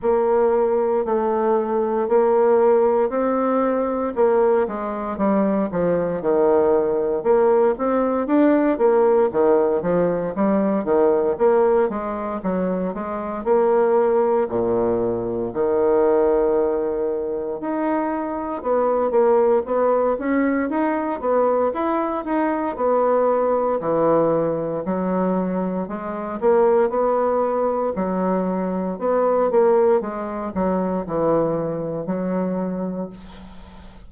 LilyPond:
\new Staff \with { instrumentName = "bassoon" } { \time 4/4 \tempo 4 = 58 ais4 a4 ais4 c'4 | ais8 gis8 g8 f8 dis4 ais8 c'8 | d'8 ais8 dis8 f8 g8 dis8 ais8 gis8 | fis8 gis8 ais4 ais,4 dis4~ |
dis4 dis'4 b8 ais8 b8 cis'8 | dis'8 b8 e'8 dis'8 b4 e4 | fis4 gis8 ais8 b4 fis4 | b8 ais8 gis8 fis8 e4 fis4 | }